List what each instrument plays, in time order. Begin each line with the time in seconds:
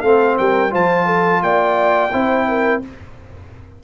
0.00 tuba A3, trombone C4, horn A4, trumpet F5
0.37 tuba G3, horn A#4, trumpet G5
0.70 tuba F3, trombone F4, horn C5, trumpet A5
1.06 horn A4
1.42 tuba A#3, horn D5, trumpet G5
2.12 tuba C4, trombone E4, horn C5
2.48 horn A#4